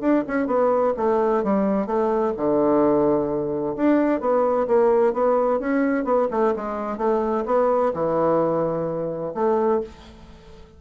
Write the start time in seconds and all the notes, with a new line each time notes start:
0.00 D4
0.27 C#4
0.47 B3
0.97 A3
1.44 G3
1.86 A3
2.36 D3
3.76 D4
4.20 B3
4.67 A#3
5.13 B3
5.59 C#4
6.04 B3
6.30 A3
6.56 G#3
6.97 A3
7.45 B3
7.93 E3
9.34 A3